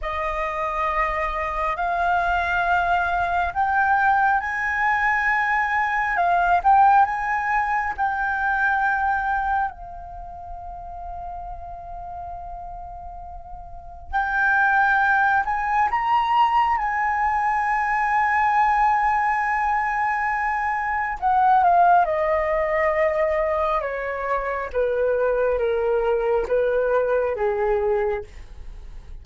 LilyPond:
\new Staff \with { instrumentName = "flute" } { \time 4/4 \tempo 4 = 68 dis''2 f''2 | g''4 gis''2 f''8 g''8 | gis''4 g''2 f''4~ | f''1 |
g''4. gis''8 ais''4 gis''4~ | gis''1 | fis''8 f''8 dis''2 cis''4 | b'4 ais'4 b'4 gis'4 | }